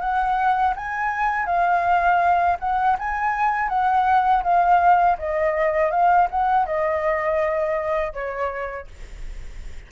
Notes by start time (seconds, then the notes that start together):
0.00 F#5
0.76 G#5
1.46 F5
2.60 F#5
2.99 G#5
3.69 F#5
4.43 F5
5.19 D#5
5.91 F5
6.31 F#5
6.66 D#5
8.13 C#5